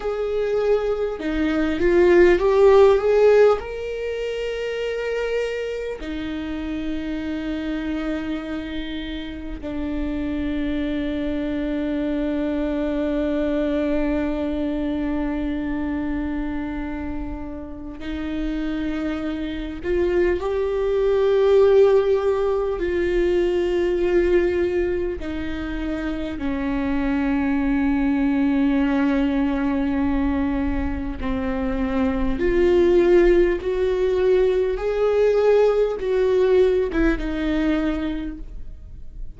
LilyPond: \new Staff \with { instrumentName = "viola" } { \time 4/4 \tempo 4 = 50 gis'4 dis'8 f'8 g'8 gis'8 ais'4~ | ais'4 dis'2. | d'1~ | d'2. dis'4~ |
dis'8 f'8 g'2 f'4~ | f'4 dis'4 cis'2~ | cis'2 c'4 f'4 | fis'4 gis'4 fis'8. e'16 dis'4 | }